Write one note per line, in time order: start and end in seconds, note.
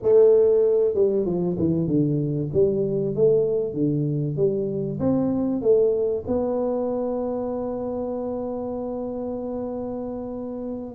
0.02 0.94 A3
0.94 1.25 G3
1.25 1.56 F3
1.58 1.87 E3
1.87 2.49 D3
2.53 3.15 G3
3.15 3.73 A3
3.73 4.36 D3
4.36 4.99 G3
4.99 5.61 C4
5.61 6.24 A3
6.27 10.94 B3